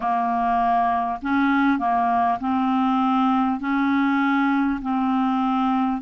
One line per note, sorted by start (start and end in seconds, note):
0.00 1.19 A#3
1.22 1.78 C#4
1.78 2.38 A#3
2.39 3.59 C4
3.59 4.79 C#4
4.81 6.01 C4